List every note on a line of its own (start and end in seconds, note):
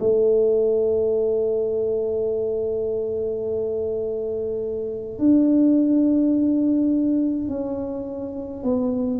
0.00 5.18 A3
5.18 7.48 D4
7.48 8.63 C#4
8.63 9.20 B3